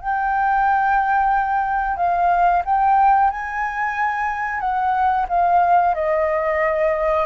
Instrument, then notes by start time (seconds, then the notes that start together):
flute
0.00 G5
1.97 F5
2.65 G5
3.31 G#5
4.60 F#5
5.28 F5
5.95 D#5